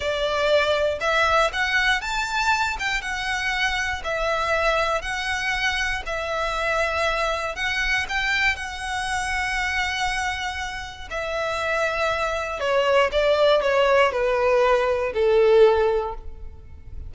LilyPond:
\new Staff \with { instrumentName = "violin" } { \time 4/4 \tempo 4 = 119 d''2 e''4 fis''4 | a''4. g''8 fis''2 | e''2 fis''2 | e''2. fis''4 |
g''4 fis''2.~ | fis''2 e''2~ | e''4 cis''4 d''4 cis''4 | b'2 a'2 | }